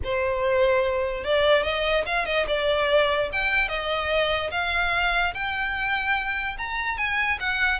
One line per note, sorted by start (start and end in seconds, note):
0.04 1.23 C5
1.23 1.63 D5
1.63 2.04 D#5
2.05 2.25 F5
2.25 2.46 D#5
2.47 3.30 D5
3.32 3.68 G5
3.68 4.50 D#5
4.51 5.33 F5
5.33 6.57 G5
6.58 6.97 A#5
6.97 7.38 G#5
7.40 7.79 F#5